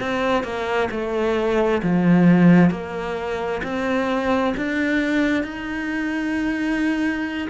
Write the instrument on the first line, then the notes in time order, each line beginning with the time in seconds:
cello
0.00 C4
0.43 A#3
0.90 A3
1.83 F3
2.71 A#3
3.63 C4
4.57 D4
5.43 D#4